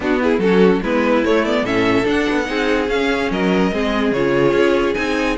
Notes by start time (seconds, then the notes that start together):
0.00 B3 D4 F#4
0.20 E4 G#4
0.38 F#3 C#4 F#4 A4
0.82 G#3 B3 E4 B4
1.24 A3 C#5
1.45 B3 D5
1.63 A2 C#4 A4 E5
2.03 D4 F#5
2.28 B3
2.45 C4 D#4 G#4
2.88 C#4 F5
3.30 F#3 A#4 D#5
3.72 G#3 C4 G#4
4.11 C#3 F4 C#5
4.53 C#4
4.94 C4 D#4 G#5